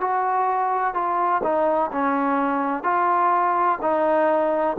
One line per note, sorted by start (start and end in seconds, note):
0.00 0.94 F#4
0.94 1.41 F4
1.43 1.90 D#4
1.92 2.83 C#4
2.83 3.78 F4
3.81 4.76 D#4